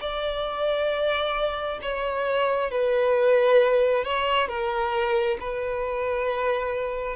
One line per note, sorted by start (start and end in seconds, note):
0.00 1.79 D5
1.82 2.70 C#5
2.70 4.04 B4
4.04 4.48 C#5
4.48 5.37 A#4
5.40 7.16 B4